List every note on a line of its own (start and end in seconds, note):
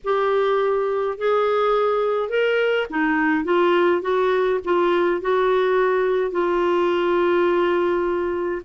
0.03 1.18 G4
1.18 2.29 G#4
2.29 2.86 A#4
2.90 3.44 D#4
3.44 4.01 F4
4.01 4.59 F#4
4.64 5.21 F4
5.21 6.31 F#4
6.31 8.61 F4